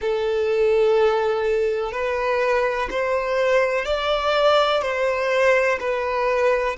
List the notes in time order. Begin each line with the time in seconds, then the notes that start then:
0.01 A4
1.91 B4
2.90 C5
3.84 D5
4.82 C5
5.79 B4